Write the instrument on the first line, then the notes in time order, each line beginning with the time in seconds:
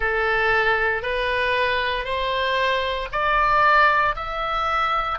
oboe
0.00 A4
1.02 B4
2.04 C5
3.11 D5
4.15 E5